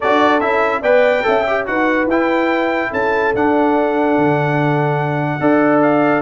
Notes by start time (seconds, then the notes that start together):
0.00 D4 F#4 A4 D5
0.40 C#4 E4 E5
0.81 B3 B4 D5 G5
1.23 C#4 A4 E5
1.47 G4
1.66 D#4 F#4 B4 F#5
2.06 E4 G5
2.90 C#4 A4 A5
3.34 D4 F#5
4.17 D3
5.39 D4 A4 D5
5.82 F5